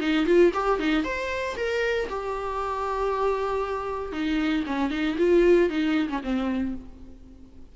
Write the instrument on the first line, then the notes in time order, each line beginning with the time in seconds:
viola
0.00 D#4
0.26 F4
0.54 G4
0.79 D#4
1.04 C5
1.56 A#4
2.09 G4
4.12 D#4
4.66 C#4
4.90 D#4
5.18 F4
5.69 D#4
6.09 C#4
6.23 C4